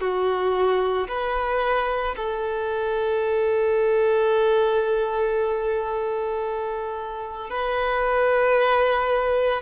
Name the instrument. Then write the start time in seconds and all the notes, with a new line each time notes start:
violin
0.00 F#4
1.08 B4
2.16 A4
7.50 B4